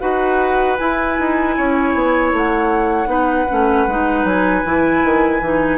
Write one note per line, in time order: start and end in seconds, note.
0.00 0.79 D#4
0.00 0.77 F#4
0.00 1.55 B4
0.00 0.77 F#5
0.78 3.07 E4
0.78 1.19 E4
0.78 2.32 G#5
1.19 1.58 D#4
1.57 1.94 C#4
1.57 3.09 C#5
1.94 2.33 B3
2.33 3.07 A3
2.33 4.26 F#5
3.07 3.45 B3
3.07 3.45 D#4
3.07 5.78 B4
3.50 3.87 A3
3.50 3.88 C#4
3.87 4.24 G#3
3.87 4.65 D#4
4.24 4.63 F#3
4.24 5.78 G#5
4.65 5.04 E3
4.65 5.42 E4
5.04 5.41 D#3
5.41 5.78 E3
5.41 5.78 D#4